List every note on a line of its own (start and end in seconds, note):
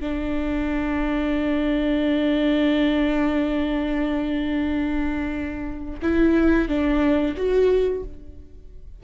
0.00 6.00 D4
6.02 6.68 E4
6.68 7.35 D4
7.37 8.03 F#4